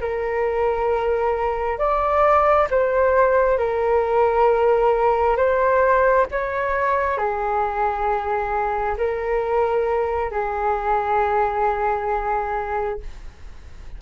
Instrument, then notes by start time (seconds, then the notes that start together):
flute
0.00 A#4
1.78 D5
2.70 C5
3.57 A#4
5.36 C5
6.31 C#5
7.17 G#4
8.97 A#4
10.31 G#4